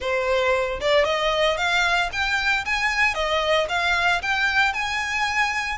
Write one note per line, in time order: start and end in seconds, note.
0.00 0.79 C5
0.80 1.04 D5
1.04 1.57 D#5
1.57 2.09 F5
2.12 2.65 G5
2.65 3.14 G#5
3.14 3.67 D#5
3.68 4.21 F5
4.22 4.73 G5
4.73 5.78 G#5